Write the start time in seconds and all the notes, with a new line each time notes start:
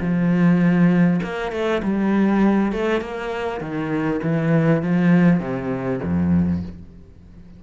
0.00 F3
1.23 A#3
1.52 A3
1.83 G3
2.72 A3
3.01 A#3
3.61 D#3
4.23 E3
4.82 F3
5.40 C3
6.03 F2